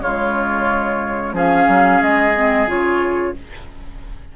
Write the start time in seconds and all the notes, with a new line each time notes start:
0.00 C#3 G#3 F4 C#5
1.32 F3 C#4 G#4 F5
1.67 F#3
2.01 G#3 D#5
2.34 C4
2.67 C#3 F4 C#5